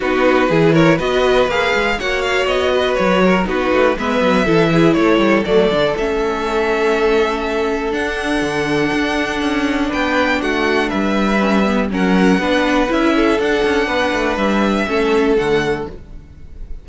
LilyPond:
<<
  \new Staff \with { instrumentName = "violin" } { \time 4/4 \tempo 4 = 121 b'4. cis''8 dis''4 f''4 | fis''8 f''8 dis''4 cis''4 b'4 | e''2 cis''4 d''4 | e''1 |
fis''1 | g''4 fis''4 e''2 | fis''2 e''4 fis''4~ | fis''4 e''2 fis''4 | }
  \new Staff \with { instrumentName = "violin" } { \time 4/4 fis'4 gis'8 ais'8 b'2 | cis''4. b'4 ais'8 fis'4 | b'4 a'8 gis'8 a'2~ | a'1~ |
a'1 | b'4 fis'4 b'2 | ais'4 b'4. a'4. | b'2 a'2 | }
  \new Staff \with { instrumentName = "viola" } { \time 4/4 dis'4 e'4 fis'4 gis'4 | fis'2. dis'4 | b4 e'2 a8 d'8 | cis'1 |
d'1~ | d'2. cis'8 b8 | cis'4 d'4 e'4 d'4~ | d'2 cis'4 a4 | }
  \new Staff \with { instrumentName = "cello" } { \time 4/4 b4 e4 b4 ais8 gis8 | ais4 b4 fis4 b8 a8 | gis8 fis8 e4 a8 g8 fis8 d8 | a1 |
d'4 d4 d'4 cis'4 | b4 a4 g2 | fis4 b4 cis'4 d'8 cis'8 | b8 a8 g4 a4 d4 | }
>>